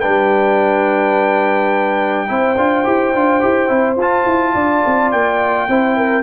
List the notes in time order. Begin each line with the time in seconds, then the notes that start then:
0.00 G3 D4 B4 G5
2.27 C4 E4 C5
2.57 D4 F4
2.84 E4 G4
3.15 D4 F4
3.40 E4 G4
3.68 C4 E4
3.96 F4 A5
4.26 E4
4.54 D4 D5
4.86 C4
5.11 A#3 G5
5.68 C4 E4 C5
5.97 A#4